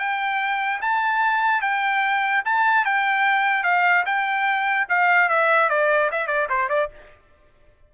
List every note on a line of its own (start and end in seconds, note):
0.00 0.81 G5
0.82 1.62 A5
1.62 2.43 G5
2.45 2.86 A5
2.86 3.64 G5
3.64 4.04 F5
4.06 4.87 G5
4.89 5.30 F5
5.30 5.70 E5
5.70 6.11 D5
6.12 6.28 E5
6.28 6.48 D5
6.50 6.70 C5
6.70 6.90 D5